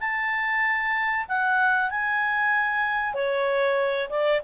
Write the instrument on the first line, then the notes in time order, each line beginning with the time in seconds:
clarinet
0.00 A5
1.28 F#5
1.90 G#5
3.14 C#5
4.09 D5